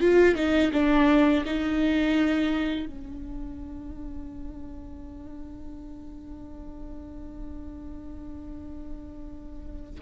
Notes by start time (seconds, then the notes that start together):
0.00 F4
0.35 D#4
0.73 D4
1.45 D#4
2.86 D4